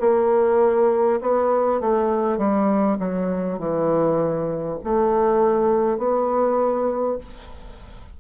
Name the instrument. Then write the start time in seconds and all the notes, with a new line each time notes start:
bassoon
0.00 A#3
1.21 B3
1.81 A3
2.38 G3
2.99 F#3
3.59 E3
4.84 A3
5.98 B3